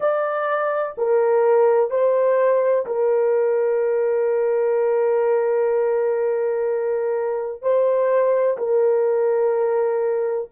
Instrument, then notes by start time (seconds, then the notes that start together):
horn
0.00 D5
0.97 A#4
1.90 C5
2.86 A#4
7.62 C5
8.57 A#4